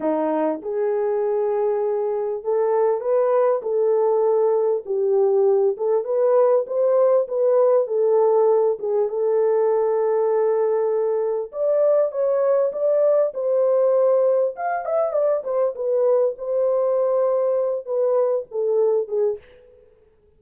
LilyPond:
\new Staff \with { instrumentName = "horn" } { \time 4/4 \tempo 4 = 99 dis'4 gis'2. | a'4 b'4 a'2 | g'4. a'8 b'4 c''4 | b'4 a'4. gis'8 a'4~ |
a'2. d''4 | cis''4 d''4 c''2 | f''8 e''8 d''8 c''8 b'4 c''4~ | c''4. b'4 a'4 gis'8 | }